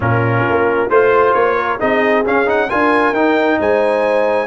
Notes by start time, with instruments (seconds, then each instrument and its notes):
0.00 tuba A#2, trombone C#4, horn F4, trumpet A#4
0.49 tuba A#3
0.88 tuba A3, trombone F4, horn C5, trumpet C5
1.33 tuba A#3, trumpet C#5
1.56 horn A#4
1.79 tuba C4, trombone D#4, horn G#4, trumpet D#5
2.25 trombone C#4, tuba C#4, trumpet F5
2.46 trombone D#4, trumpet F#5
2.69 tuba D4, trombone F4, horn A#4, trumpet G#5
3.12 tuba D#4, trombone D#4, trumpet G5
3.59 tuba G#3, horn C5, trumpet G#5